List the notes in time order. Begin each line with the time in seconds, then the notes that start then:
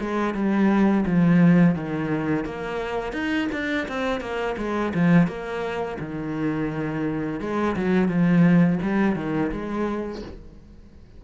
0.00 G#3
0.34 G3
1.06 F3
1.75 D#3
2.45 A#3
3.13 D#4
3.52 D4
3.88 C4
4.20 A#3
4.58 G#3
4.94 F3
5.27 A#3
5.99 D#3
7.40 G#3
7.76 F#3
8.09 F3
8.82 G3
9.16 D#3
9.52 G#3